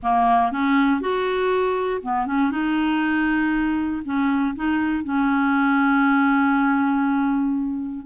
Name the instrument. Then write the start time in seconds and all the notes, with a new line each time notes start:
clarinet
0.03 A#3
0.51 C#4
1.00 F#4
2.02 B3
2.26 C#4
2.51 D#4
4.05 C#4
4.55 D#4
5.04 C#4